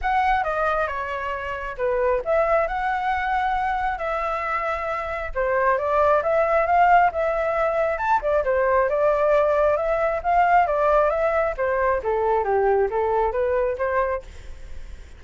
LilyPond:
\new Staff \with { instrumentName = "flute" } { \time 4/4 \tempo 4 = 135 fis''4 dis''4 cis''2 | b'4 e''4 fis''2~ | fis''4 e''2. | c''4 d''4 e''4 f''4 |
e''2 a''8 d''8 c''4 | d''2 e''4 f''4 | d''4 e''4 c''4 a'4 | g'4 a'4 b'4 c''4 | }